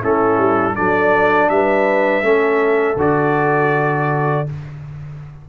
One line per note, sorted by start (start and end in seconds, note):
0.00 0.37 A3
0.00 0.75 C#4
0.00 0.74 E4
0.00 0.75 A4
0.37 0.74 G3
0.75 1.49 F#3
0.75 2.22 D4
0.75 1.49 A4
0.75 1.49 D5
1.49 2.22 G3
1.49 2.26 B4
1.49 2.97 E5
2.22 2.96 A3
2.22 2.96 C#4
2.22 4.48 A4
2.96 4.44 D3
2.96 4.46 F#4
2.96 4.49 D5